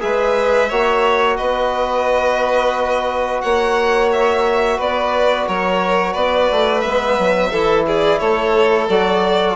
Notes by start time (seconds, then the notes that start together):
0.00 G#3 G#4 B4 E5
0.69 A#3 F#4 C#5
1.37 B3 B4 D#5
3.42 A#3 C#5 F#5
4.12 E5
4.78 B3 B4 D5
5.48 F#3 A#4 C#5
6.13 B3 B4 D5
6.52 A3
6.81 G#3 B3 E5
7.19 F#3
7.52 E3 E4 A4
7.88 G#4 D5
8.19 A3 A4 C#5
8.89 F#3 F#4 D5